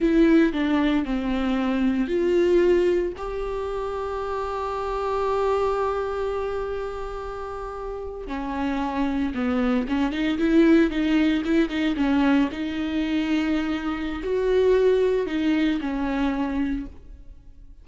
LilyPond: \new Staff \with { instrumentName = "viola" } { \time 4/4 \tempo 4 = 114 e'4 d'4 c'2 | f'2 g'2~ | g'1~ | g'2.~ g'8. cis'16~ |
cis'4.~ cis'16 b4 cis'8 dis'8 e'16~ | e'8. dis'4 e'8 dis'8 cis'4 dis'16~ | dis'2. fis'4~ | fis'4 dis'4 cis'2 | }